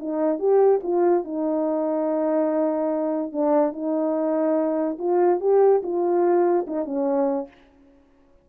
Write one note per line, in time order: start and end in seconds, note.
0.00 0.40 D#4
0.40 0.81 G4
0.84 1.25 F4
1.25 3.33 D#4
3.33 3.73 D4
3.73 4.98 D#4
4.99 5.41 F4
5.41 5.83 G4
5.84 6.67 F4
6.67 6.86 D#4
6.86 7.48 C#4